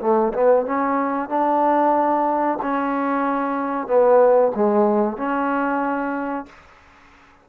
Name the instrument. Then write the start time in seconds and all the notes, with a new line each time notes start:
trombone
0.00 A3
0.33 B3
0.66 C#4
1.29 D4
2.62 C#4
3.87 B3
4.55 G#3
5.17 C#4